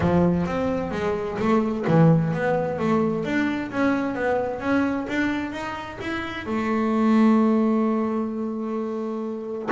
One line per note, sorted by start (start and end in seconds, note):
0.00 0.46 F3
0.46 0.91 C4
0.91 1.37 G#3
1.38 1.85 A3
1.87 2.33 E3
2.33 2.78 B3
2.78 3.24 A3
3.24 3.70 D4
3.71 4.14 C#4
4.14 4.60 B3
4.60 5.06 C#4
5.08 5.52 D4
5.52 5.98 D#4
6.01 6.46 E4
6.46 9.69 A3